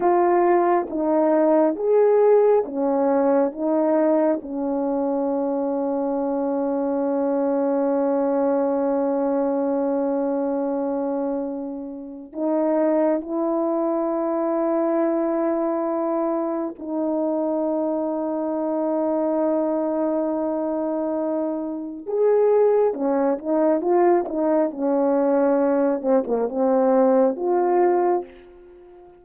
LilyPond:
\new Staff \with { instrumentName = "horn" } { \time 4/4 \tempo 4 = 68 f'4 dis'4 gis'4 cis'4 | dis'4 cis'2.~ | cis'1~ | cis'2 dis'4 e'4~ |
e'2. dis'4~ | dis'1~ | dis'4 gis'4 cis'8 dis'8 f'8 dis'8 | cis'4. c'16 ais16 c'4 f'4 | }